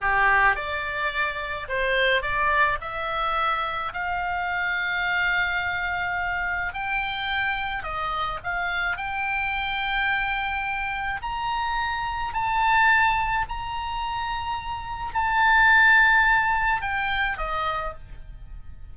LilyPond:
\new Staff \with { instrumentName = "oboe" } { \time 4/4 \tempo 4 = 107 g'4 d''2 c''4 | d''4 e''2 f''4~ | f''1 | g''2 dis''4 f''4 |
g''1 | ais''2 a''2 | ais''2. a''4~ | a''2 g''4 dis''4 | }